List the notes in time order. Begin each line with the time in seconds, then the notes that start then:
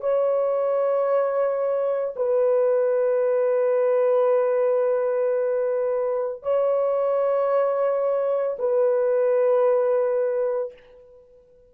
0.00 C#5
2.16 B4
6.42 C#5
8.59 B4